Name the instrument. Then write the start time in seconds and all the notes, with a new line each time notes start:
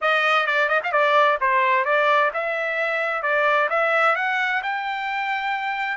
trumpet
0.01 D#5
0.46 D5
0.69 D#5
0.83 F5
0.91 D5
1.40 C5
1.85 D5
2.33 E5
3.22 D5
3.69 E5
4.15 F#5
4.63 G5